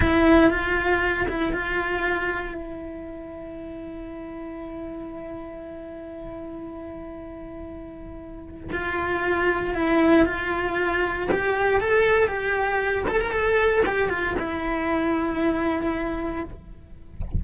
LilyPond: \new Staff \with { instrumentName = "cello" } { \time 4/4 \tempo 4 = 117 e'4 f'4. e'8 f'4~ | f'4 e'2.~ | e'1~ | e'1~ |
e'4 f'2 e'4 | f'2 g'4 a'4 | g'4. a'16 ais'16 a'4 g'8 f'8 | e'1 | }